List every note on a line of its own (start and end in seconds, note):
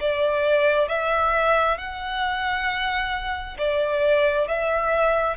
0.00 0.88 D5
0.88 1.78 E5
1.78 3.57 F#5
3.58 4.48 D5
4.48 5.37 E5